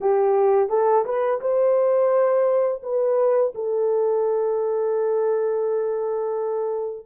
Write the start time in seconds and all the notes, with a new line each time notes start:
0.00 G4
0.69 A4
1.05 B4
1.40 C5
2.82 B4
3.55 A4